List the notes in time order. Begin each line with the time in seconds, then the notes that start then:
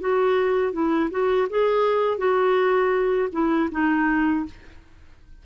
0.00 F#4
0.72 E4
1.10 F#4
1.49 G#4
2.18 F#4
3.32 E4
3.71 D#4